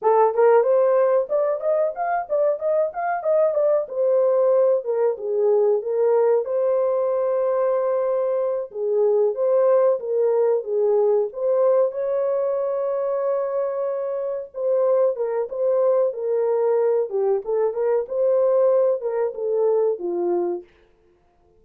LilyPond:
\new Staff \with { instrumentName = "horn" } { \time 4/4 \tempo 4 = 93 a'8 ais'8 c''4 d''8 dis''8 f''8 d''8 | dis''8 f''8 dis''8 d''8 c''4. ais'8 | gis'4 ais'4 c''2~ | c''4. gis'4 c''4 ais'8~ |
ais'8 gis'4 c''4 cis''4.~ | cis''2~ cis''8 c''4 ais'8 | c''4 ais'4. g'8 a'8 ais'8 | c''4. ais'8 a'4 f'4 | }